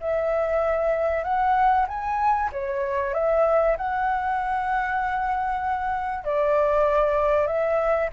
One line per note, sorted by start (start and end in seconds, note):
0.00 1.24 E5
1.24 1.86 F#5
1.88 2.50 G#5
2.52 3.14 C#5
3.14 3.77 E5
3.77 6.24 F#5
6.24 7.47 D5
7.47 8.09 E5